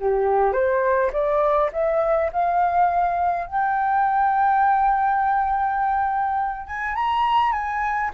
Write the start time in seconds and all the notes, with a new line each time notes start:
0.00 G4
0.53 C5
1.13 D5
1.73 E5
2.33 F5
3.47 G5
6.67 G#5
6.95 A#5
7.53 G#5